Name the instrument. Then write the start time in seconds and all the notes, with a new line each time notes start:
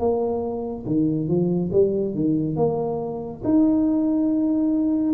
tuba
0.00 A#3
0.87 D#3
1.28 F3
1.73 G3
2.15 D#3
2.57 A#3
3.45 D#4